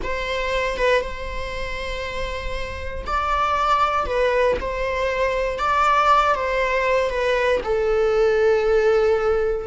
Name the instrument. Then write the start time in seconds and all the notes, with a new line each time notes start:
viola
0.03 C5
0.77 B4
1.01 C5
3.06 D5
4.05 B4
4.60 C5
5.59 D5
6.34 C5
7.10 B4
7.63 A4